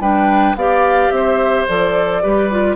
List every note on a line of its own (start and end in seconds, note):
0.00 0.55 G3
0.00 0.56 D4
0.00 0.56 B4
0.00 0.56 G5
0.55 1.10 B3
0.55 1.68 G4
0.55 1.13 D5
0.55 1.11 F5
1.11 1.66 C4
1.11 2.23 C5
1.11 1.66 E5
1.68 2.24 F3
1.68 2.22 A4
1.68 2.76 D5
2.22 2.76 G3
2.22 2.50 G4
2.22 2.76 B4
2.51 2.76 F4